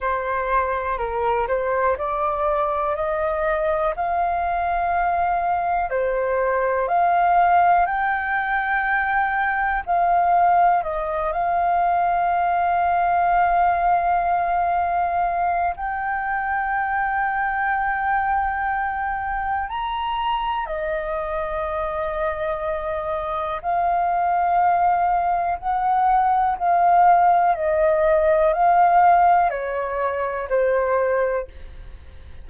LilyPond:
\new Staff \with { instrumentName = "flute" } { \time 4/4 \tempo 4 = 61 c''4 ais'8 c''8 d''4 dis''4 | f''2 c''4 f''4 | g''2 f''4 dis''8 f''8~ | f''1 |
g''1 | ais''4 dis''2. | f''2 fis''4 f''4 | dis''4 f''4 cis''4 c''4 | }